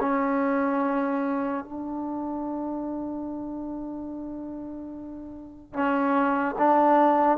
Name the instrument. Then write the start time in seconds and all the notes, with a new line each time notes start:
trombone
0.00 C#4
1.65 D4
5.73 C#4
6.59 D4